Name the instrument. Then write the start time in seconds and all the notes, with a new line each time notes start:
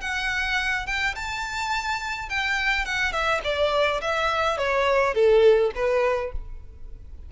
violin
0.00 F#5
0.86 G5
1.15 A5
2.29 G5
2.85 F#5
3.12 E5
3.43 D5
4.01 E5
4.57 C#5
5.14 A4
5.75 B4